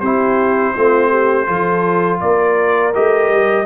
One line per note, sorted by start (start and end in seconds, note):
0.00 0.75 C4
0.00 0.75 E4
0.00 0.74 G4
0.00 2.20 C5
0.75 1.48 A3
0.75 1.47 C4
0.75 1.10 F4
1.10 1.46 G4
1.47 2.21 F3
1.47 2.93 F4
1.47 2.21 A4
2.21 2.95 A#3
2.21 3.66 A#4
2.21 2.94 D5
2.95 3.30 A3
2.95 3.66 G4
2.95 3.66 D#5
3.30 3.66 G3